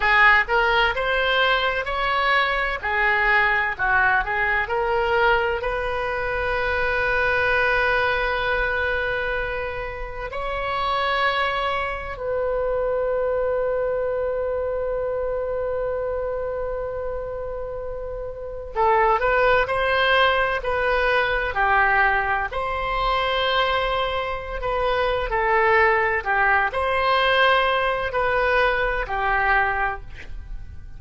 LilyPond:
\new Staff \with { instrumentName = "oboe" } { \time 4/4 \tempo 4 = 64 gis'8 ais'8 c''4 cis''4 gis'4 | fis'8 gis'8 ais'4 b'2~ | b'2. cis''4~ | cis''4 b'2.~ |
b'1 | a'8 b'8 c''4 b'4 g'4 | c''2~ c''16 b'8. a'4 | g'8 c''4. b'4 g'4 | }